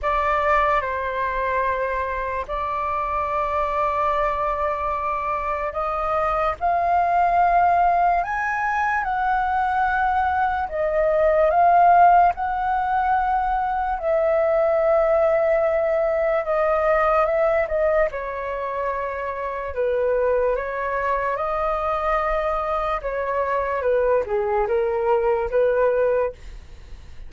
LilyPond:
\new Staff \with { instrumentName = "flute" } { \time 4/4 \tempo 4 = 73 d''4 c''2 d''4~ | d''2. dis''4 | f''2 gis''4 fis''4~ | fis''4 dis''4 f''4 fis''4~ |
fis''4 e''2. | dis''4 e''8 dis''8 cis''2 | b'4 cis''4 dis''2 | cis''4 b'8 gis'8 ais'4 b'4 | }